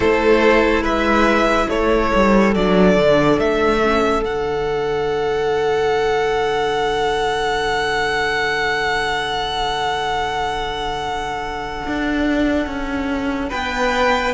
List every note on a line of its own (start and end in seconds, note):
0.00 0.81 A3
0.00 2.53 E4
0.00 0.83 A4
0.00 0.83 C5
0.81 1.66 G#3
0.81 1.67 B4
0.81 1.69 E5
1.68 2.11 A3
1.68 13.49 A4
1.68 2.54 C#5
2.15 2.55 G3
2.55 2.95 F#3
2.55 3.82 D4
2.55 3.39 D5
2.95 3.38 D3
3.39 4.23 A3
3.39 4.24 E5
3.82 4.23 C#4
4.23 11.84 D3
4.23 14.34 D4
4.23 13.49 F#5
11.86 12.66 D4
12.66 13.51 C#4
13.49 14.34 B3
13.49 14.33 B4
13.49 14.34 G5